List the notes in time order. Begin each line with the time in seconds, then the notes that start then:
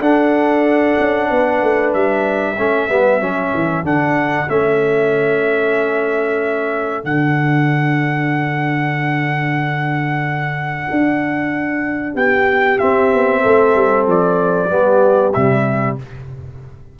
0.00 D4 A4 F#5
1.00 C#4
1.30 B3 B4
1.63 A3
1.94 G3 E5
2.56 A3 C#4 A4
2.89 G3 B3
3.20 F#3 C#4
3.54 E3
3.84 D3 D4 F#5
4.48 A3 C#4 E5
7.03 D3 D4 F#5
10.91 D4
12.14 B3 G4 G5
12.79 C4 E5
13.14 B3
13.41 A3 A4
13.75 G3
14.07 F3 D5
14.69 G3 B3 G4
15.33 C3 G3 E5